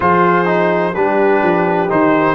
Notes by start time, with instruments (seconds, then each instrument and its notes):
0.00 tuba F3, trombone F4, horn G#4, trumpet C5
0.45 trombone D#4
0.93 tuba G3, trombone D4, horn G4, trumpet B4
1.42 tuba F3
1.88 tuba D#3, trombone D#4, trumpet C5